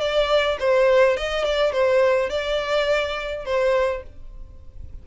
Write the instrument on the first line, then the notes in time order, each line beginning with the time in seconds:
violin
0.00 D5
0.60 C5
1.16 D#5
1.44 D5
1.72 C5
2.30 D5
3.45 C5